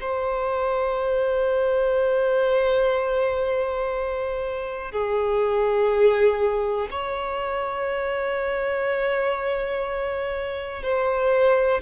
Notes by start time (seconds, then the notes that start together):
0.00 C5
4.91 G#4
6.91 C#5
10.82 C5